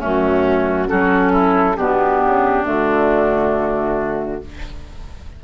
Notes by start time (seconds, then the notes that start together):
0.00 F#2 A3 C#4 F#4
0.87 F#3 C#4 F#4 A4
1.33 E4
1.77 B2 B3 D4 G4
2.25 C#3
2.65 D3 A3 F#4